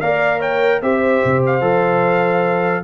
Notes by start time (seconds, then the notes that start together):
0.00 A#3 A#4 D5 F5
0.39 C#5 G5
0.82 C4 G4 C5 E5
1.24 C3
1.46 F5
1.61 F3 A4